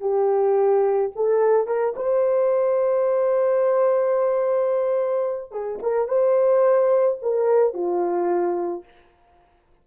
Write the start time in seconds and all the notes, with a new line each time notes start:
0.00 G4
1.15 A4
1.66 A#4
1.96 C5
5.51 G#4
5.82 A#4
6.08 C5
7.22 A#4
7.73 F4